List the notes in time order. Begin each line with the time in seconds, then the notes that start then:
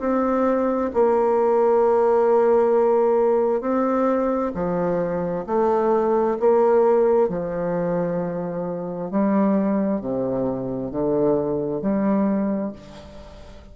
0.00 C4
0.94 A#3
3.61 C4
4.55 F3
5.47 A3
6.40 A#3
7.29 F3
9.12 G3
10.01 C3
10.92 D3
11.82 G3